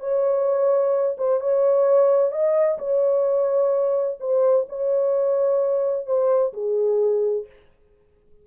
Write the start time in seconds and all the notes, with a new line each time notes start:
0.00 C#5
1.18 C5
1.40 C#5
2.32 D#5
2.78 C#5
4.20 C5
4.68 C#5
6.06 C5
6.53 G#4